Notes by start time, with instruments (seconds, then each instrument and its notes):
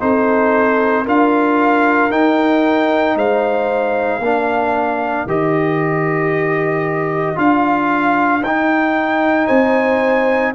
0.00 tuba C4, trombone D#4, horn A4, trumpet C5
1.05 tuba D4, trombone F4, horn A#4, trumpet F5
2.11 tuba D#4, trombone D#4, trumpet G5
3.15 tuba G#3, horn C5, trumpet F5
4.19 tuba A#3, trombone D4, horn A#4
5.26 tuba D#3, trombone G4, trumpet D#5
7.36 tuba D4, trombone F4, trumpet F5
8.42 tuba D#4, trombone D#4, trumpet G5
9.47 tuba C4, horn C5, trumpet G#5